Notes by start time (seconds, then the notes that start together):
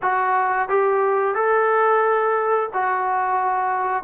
0.02 F#4
0.69 G4
1.34 A4
2.73 F#4